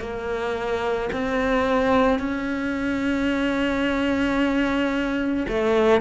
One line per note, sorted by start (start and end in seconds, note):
0.00 1.09 A#3
1.12 2.19 C4
2.19 5.46 C#4
5.48 6.00 A3